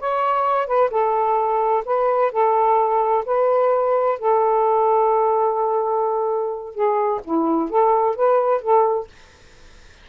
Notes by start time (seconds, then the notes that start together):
0.00 C#5
0.67 B4
0.91 A4
1.86 B4
2.32 A4
3.26 B4
4.19 A4
6.75 G#4
7.25 E4
7.70 A4
8.16 B4
8.62 A4